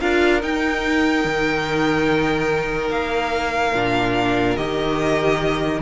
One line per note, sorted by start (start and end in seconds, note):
0.00 0.43 D4
0.00 0.40 F4
0.00 5.82 A#4
0.00 0.42 F5
0.40 3.74 D#4
0.40 1.24 D#4
0.40 2.91 G5
1.24 2.89 D#3
2.89 3.72 A#3
2.89 4.57 F5
3.73 4.57 A#2
3.73 4.57 D4
4.57 5.82 D#3
4.57 5.82 G4
4.57 5.82 D#5